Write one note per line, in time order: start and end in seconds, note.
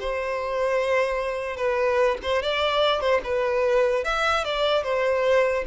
0.00 1.57 C5
1.57 2.17 B4
2.22 2.42 C5
2.42 3.00 D5
3.00 3.21 C5
3.24 4.04 B4
4.04 4.44 E5
4.44 4.83 D5
4.83 5.64 C5